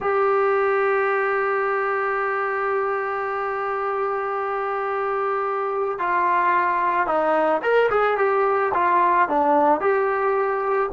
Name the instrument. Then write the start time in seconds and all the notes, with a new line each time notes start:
trombone
0.00 G4
5.98 F4
7.06 D#4
7.62 A#4
7.90 G#4
8.17 G4
8.74 F4
9.29 D4
9.80 G4